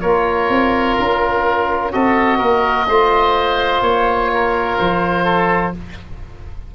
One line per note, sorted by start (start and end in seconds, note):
0.00 0.49 A#3
0.00 1.92 F4
0.00 1.92 A#4
0.00 0.95 C#5
0.49 0.96 C4
0.97 1.93 C#4
0.97 1.92 A#4
1.92 2.39 C4
1.92 2.87 F#4
1.92 2.38 A4
1.92 3.82 D#5
2.38 2.87 A#3
2.38 2.85 A#4
2.87 3.81 A3
2.87 5.74 F4
2.87 4.31 C5
3.81 4.76 A#3
3.81 4.77 C#5
4.33 5.24 A#4
4.78 5.74 F3
4.78 5.73 C5
5.24 5.71 A4